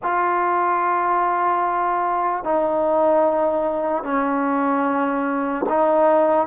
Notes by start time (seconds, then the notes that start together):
0.02 F4
2.44 D#4
4.03 C#4
5.69 D#4